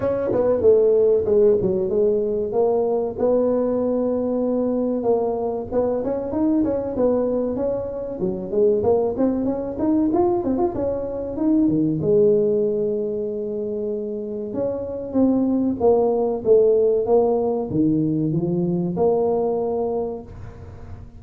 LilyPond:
\new Staff \with { instrumentName = "tuba" } { \time 4/4 \tempo 4 = 95 cis'8 b8 a4 gis8 fis8 gis4 | ais4 b2. | ais4 b8 cis'8 dis'8 cis'8 b4 | cis'4 fis8 gis8 ais8 c'8 cis'8 dis'8 |
f'8 c'16 f'16 cis'4 dis'8 dis8 gis4~ | gis2. cis'4 | c'4 ais4 a4 ais4 | dis4 f4 ais2 | }